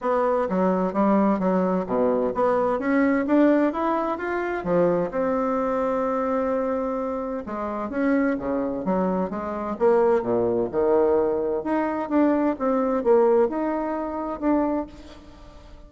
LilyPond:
\new Staff \with { instrumentName = "bassoon" } { \time 4/4 \tempo 4 = 129 b4 fis4 g4 fis4 | b,4 b4 cis'4 d'4 | e'4 f'4 f4 c'4~ | c'1 |
gis4 cis'4 cis4 fis4 | gis4 ais4 ais,4 dis4~ | dis4 dis'4 d'4 c'4 | ais4 dis'2 d'4 | }